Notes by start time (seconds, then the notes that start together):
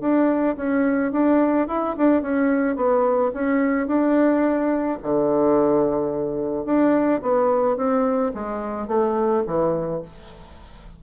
0.00 D4
0.56 C#4
1.12 D4
1.68 E4
1.97 D4
2.22 C#4
2.76 B3
3.33 C#4
3.87 D4
5.03 D3
6.65 D4
7.22 B3
7.77 C4
8.34 G#3
8.88 A3
9.46 E3